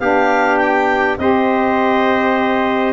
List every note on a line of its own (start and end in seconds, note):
0.00 1.18 B3
0.00 1.18 D4
0.00 1.19 G4
0.00 0.57 F5
0.57 1.16 G5
1.18 2.93 C4
1.18 2.93 G4
1.18 2.93 C5
1.18 2.93 D#5